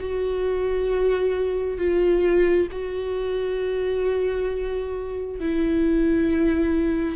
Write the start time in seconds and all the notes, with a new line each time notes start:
0.00 F#4
1.77 F4
2.72 F#4
5.40 E4